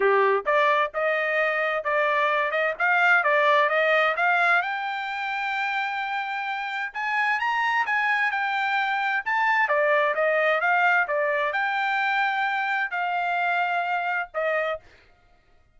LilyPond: \new Staff \with { instrumentName = "trumpet" } { \time 4/4 \tempo 4 = 130 g'4 d''4 dis''2 | d''4. dis''8 f''4 d''4 | dis''4 f''4 g''2~ | g''2. gis''4 |
ais''4 gis''4 g''2 | a''4 d''4 dis''4 f''4 | d''4 g''2. | f''2. dis''4 | }